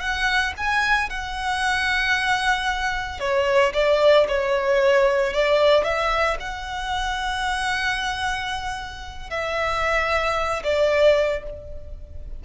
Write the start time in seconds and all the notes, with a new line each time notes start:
0.00 F#5
0.57 G#5
1.10 F#5
3.20 C#5
3.74 D5
4.28 C#5
5.33 D5
5.84 E5
6.40 F#5
9.30 E5
10.64 D5